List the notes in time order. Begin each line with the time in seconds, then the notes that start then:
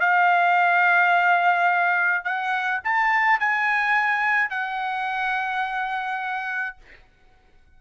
0.00 F5
2.24 F#5
2.84 A5
3.39 G#5
4.50 F#5